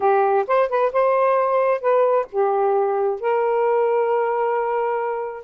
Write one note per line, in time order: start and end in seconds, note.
0.00 0.45 G4
0.47 0.69 C5
0.69 0.92 B4
0.92 1.80 C5
1.80 2.26 B4
2.31 3.20 G4
3.20 5.44 A#4